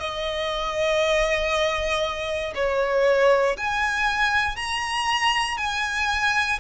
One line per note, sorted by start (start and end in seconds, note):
0.00 2.54 D#5
2.55 3.57 C#5
3.58 4.57 G#5
4.57 5.57 A#5
5.57 6.59 G#5